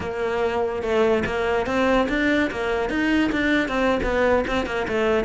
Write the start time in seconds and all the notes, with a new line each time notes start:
0.00 A#3
0.82 A3
1.25 A#3
1.66 C4
2.09 D4
2.50 A#3
2.89 D#4
3.32 D4
3.68 C4
4.03 B3
4.47 C4
4.66 A#3
4.88 A3